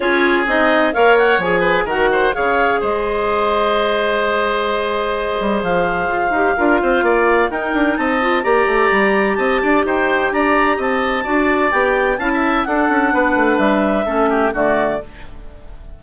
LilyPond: <<
  \new Staff \with { instrumentName = "clarinet" } { \time 4/4 \tempo 4 = 128 cis''4 dis''4 f''8 fis''8 gis''4 | fis''4 f''4 dis''2~ | dis''1 | f''1 |
g''4 a''4 ais''2 | a''4 g''4 ais''4 a''4~ | a''4 g''4 a''4 fis''4~ | fis''4 e''2 d''4 | }
  \new Staff \with { instrumentName = "oboe" } { \time 4/4 gis'2 cis''4. b'8 | ais'8 c''8 cis''4 c''2~ | c''1~ | c''2 ais'8 c''8 d''4 |
ais'4 dis''4 d''2 | dis''8 d''8 c''4 d''4 dis''4 | d''2 f''16 e''8. a'4 | b'2 a'8 g'8 fis'4 | }
  \new Staff \with { instrumentName = "clarinet" } { \time 4/4 f'4 dis'4 ais'4 gis'4 | fis'4 gis'2.~ | gis'1~ | gis'4. g'8 f'2 |
dis'4. f'8 g'2~ | g'1 | fis'4 g'4 e'4 d'4~ | d'2 cis'4 a4 | }
  \new Staff \with { instrumentName = "bassoon" } { \time 4/4 cis'4 c'4 ais4 f4 | dis4 cis4 gis2~ | gis2.~ gis8 g8 | f4 f'8 dis'8 d'8 c'8 ais4 |
dis'8 d'8 c'4 ais8 a8 g4 | c'8 d'8 dis'4 d'4 c'4 | d'4 b4 cis'4 d'8 cis'8 | b8 a8 g4 a4 d4 | }
>>